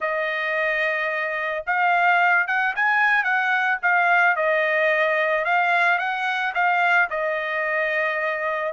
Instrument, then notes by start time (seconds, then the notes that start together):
trumpet
0.00 D#5
1.66 F5
2.47 F#5
2.75 G#5
3.23 F#5
3.82 F5
4.36 D#5
5.44 F5
5.98 F#5
6.54 F5
7.10 D#5